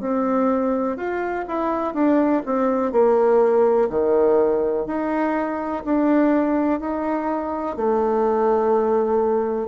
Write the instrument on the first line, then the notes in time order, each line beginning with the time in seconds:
bassoon
0.00 C4
0.97 F4
1.48 E4
1.94 D4
2.46 C4
2.93 A#3
3.90 D#3
4.87 D#4
5.85 D4
6.80 D#4
7.76 A3